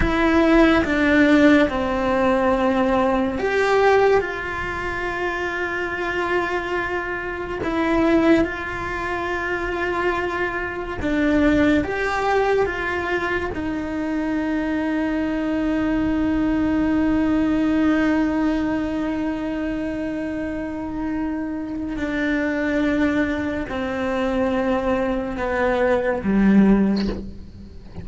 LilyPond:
\new Staff \with { instrumentName = "cello" } { \time 4/4 \tempo 4 = 71 e'4 d'4 c'2 | g'4 f'2.~ | f'4 e'4 f'2~ | f'4 d'4 g'4 f'4 |
dis'1~ | dis'1~ | dis'2 d'2 | c'2 b4 g4 | }